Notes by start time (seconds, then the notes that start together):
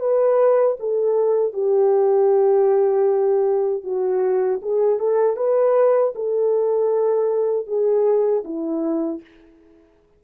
0.00 B4
0.80 A4
1.54 G4
3.84 F#4
4.62 G#4
4.99 A4
5.37 B4
6.15 A4
7.67 G#4
8.45 E4